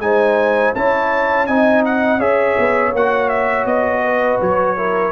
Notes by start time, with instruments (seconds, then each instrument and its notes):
0.00 tuba G#3, trombone D#4, horn C5, trumpet G#5
0.75 tuba C#4, trombone E4, horn C#5, trumpet A5
1.47 tuba C4, trombone D#4, horn D#5, trumpet G#5
1.85 trumpet F#5
2.19 tuba C#4, trombone G#4, horn C#5, trumpet E5
2.58 tuba B3
2.93 tuba A#3, trombone F#4, trumpet F#5
3.29 trumpet E5
3.65 tuba B3, trumpet D#5
4.04 horn B4
4.41 tuba F#3, trumpet C#5
4.77 trombone E4, horn A#4